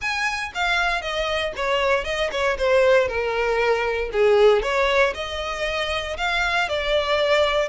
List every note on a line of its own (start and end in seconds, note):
0.01 0.52 G#5
0.54 1.01 F5
1.01 1.52 D#5
1.56 2.04 C#5
2.04 2.30 D#5
2.31 2.57 C#5
2.58 3.07 C5
3.07 4.10 A#4
4.12 4.62 G#4
4.62 5.13 C#5
5.14 6.17 D#5
6.17 6.68 F5
6.69 7.69 D5